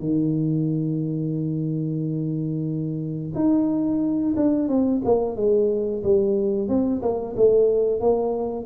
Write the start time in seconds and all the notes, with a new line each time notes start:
0.00 D#3
3.35 D#4
4.37 D4
4.69 C4
5.05 A#3
5.36 G#3
6.04 G3
6.68 C4
7.02 A#3
7.37 A3
8.01 A#3